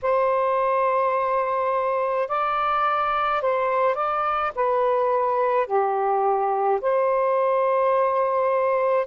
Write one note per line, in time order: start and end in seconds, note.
0.02 2.28 C5
2.28 3.41 D5
3.41 3.95 C5
3.95 4.51 D5
4.55 5.66 B4
5.66 6.79 G4
6.81 9.06 C5